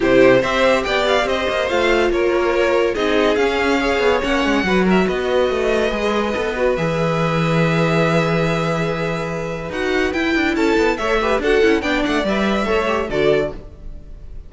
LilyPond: <<
  \new Staff \with { instrumentName = "violin" } { \time 4/4 \tempo 4 = 142 c''4 e''4 g''8 f''8 dis''4 | f''4 cis''2 dis''4 | f''2 fis''4. e''8 | dis''1 |
e''1~ | e''2. fis''4 | g''4 a''4 e''4 fis''4 | g''8 fis''8 e''2 d''4 | }
  \new Staff \with { instrumentName = "violin" } { \time 4/4 g'4 c''4 d''4 c''4~ | c''4 ais'2 gis'4~ | gis'4 cis''2 b'8 ais'8 | b'1~ |
b'1~ | b'1~ | b'4 a'4 cis''8 b'8 a'4 | d''2 cis''4 a'4 | }
  \new Staff \with { instrumentName = "viola" } { \time 4/4 e'4 g'2. | f'2. dis'4 | cis'4 gis'4 cis'4 fis'4~ | fis'2 gis'4 a'8 fis'8 |
gis'1~ | gis'2. fis'4 | e'2 a'8 g'8 fis'8 e'8 | d'4 b'4 a'8 g'8 fis'4 | }
  \new Staff \with { instrumentName = "cello" } { \time 4/4 c4 c'4 b4 c'8 ais8 | a4 ais2 c'4 | cis'4. b8 ais8 gis8 fis4 | b4 a4 gis4 b4 |
e1~ | e2. dis'4 | e'8 d'8 cis'8 b8 a4 d'8 cis'8 | b8 a8 g4 a4 d4 | }
>>